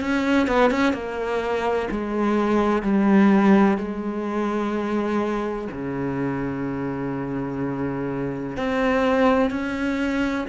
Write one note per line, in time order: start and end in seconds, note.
0.00 0.47 C#4
0.47 0.71 B3
0.71 0.93 C#4
0.93 1.88 A#3
1.90 2.82 G#3
2.82 3.77 G3
3.77 5.68 G#3
5.71 8.57 C#3
8.57 9.50 C4
9.50 10.45 C#4